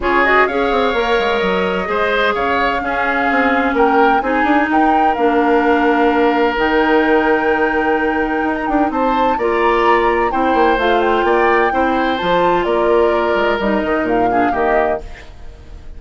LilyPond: <<
  \new Staff \with { instrumentName = "flute" } { \time 4/4 \tempo 4 = 128 cis''8 dis''8 f''2 dis''4~ | dis''4 f''2. | g''4 gis''4 g''4 f''4~ | f''2 g''2~ |
g''2~ g''16 ais''16 g''8 a''4 | ais''2 g''4 f''8 g''8~ | g''2 a''4 d''4~ | d''4 dis''4 f''4 dis''4 | }
  \new Staff \with { instrumentName = "oboe" } { \time 4/4 gis'4 cis''2. | c''4 cis''4 gis'2 | ais'4 gis'4 ais'2~ | ais'1~ |
ais'2. c''4 | d''2 c''2 | d''4 c''2 ais'4~ | ais'2~ ais'8 gis'8 g'4 | }
  \new Staff \with { instrumentName = "clarinet" } { \time 4/4 f'8 fis'8 gis'4 ais'2 | gis'2 cis'2~ | cis'4 dis'2 d'4~ | d'2 dis'2~ |
dis'1 | f'2 e'4 f'4~ | f'4 e'4 f'2~ | f'4 dis'4. d'8 ais4 | }
  \new Staff \with { instrumentName = "bassoon" } { \time 4/4 cis4 cis'8 c'8 ais8 gis8 fis4 | gis4 cis4 cis'4 c'4 | ais4 c'8 d'8 dis'4 ais4~ | ais2 dis2~ |
dis2 dis'8 d'8 c'4 | ais2 c'8 ais8 a4 | ais4 c'4 f4 ais4~ | ais8 gis8 g8 dis8 ais,4 dis4 | }
>>